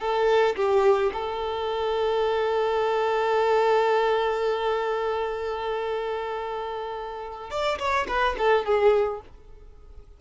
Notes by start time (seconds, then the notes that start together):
0.00 A4
0.56 G4
1.13 A4
7.51 D5
7.79 C#5
8.08 B4
8.38 A4
8.65 G#4